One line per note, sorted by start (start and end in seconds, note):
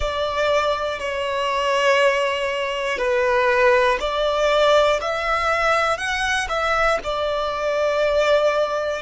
0.00 0.99 D5
0.99 2.98 C#5
2.98 3.98 B4
4.00 5.00 D5
5.00 5.97 E5
5.97 6.47 F#5
6.49 6.99 E5
7.03 9.02 D5